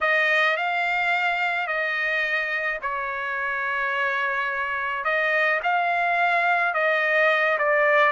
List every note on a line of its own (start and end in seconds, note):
0.00 0.56 D#5
0.56 1.67 F5
1.67 2.79 D#5
2.82 5.04 C#5
5.04 5.60 D#5
5.63 6.74 F5
6.74 7.58 D#5
7.58 8.12 D5